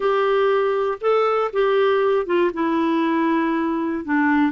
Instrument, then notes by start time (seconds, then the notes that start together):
clarinet
0.00 G4
1.01 A4
1.52 G4
2.26 F4
2.53 E4
4.05 D4